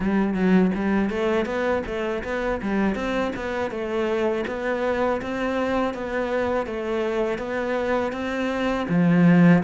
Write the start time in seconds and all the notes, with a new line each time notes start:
0.00 G3
0.34 F#3
0.74 G3
1.10 A3
1.45 B3
1.86 A3
2.23 B3
2.61 G3
2.95 C4
3.36 B3
3.70 A3
4.46 B3
5.21 C4
5.94 B3
6.66 A3
7.38 B3
8.12 C4
8.88 F3